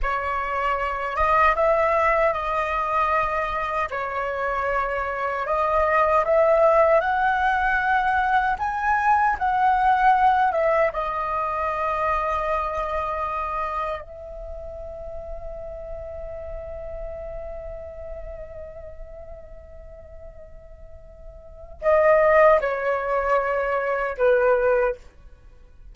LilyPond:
\new Staff \with { instrumentName = "flute" } { \time 4/4 \tempo 4 = 77 cis''4. dis''8 e''4 dis''4~ | dis''4 cis''2 dis''4 | e''4 fis''2 gis''4 | fis''4. e''8 dis''2~ |
dis''2 e''2~ | e''1~ | e''1 | dis''4 cis''2 b'4 | }